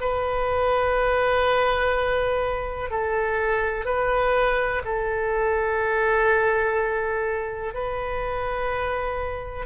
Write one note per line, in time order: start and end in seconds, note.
0.00 2.90 B4
2.90 3.85 A4
3.85 4.82 B4
4.84 7.74 A4
7.74 9.65 B4